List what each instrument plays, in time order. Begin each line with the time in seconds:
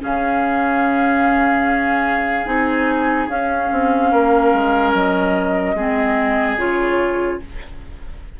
0.00 bassoon C#3, clarinet C#4, oboe G#4, flute F5
2.45 bassoon C4, clarinet D#4, flute G#5
3.28 bassoon C#4, clarinet C#4, flute F5
3.72 bassoon C4
4.11 bassoon A#3, oboe A#4
4.52 bassoon G#3
4.93 bassoon F#3, flute D#5
5.74 bassoon G#3, clarinet C4, oboe G#4
6.57 bassoon C#3, clarinet F4, flute C#5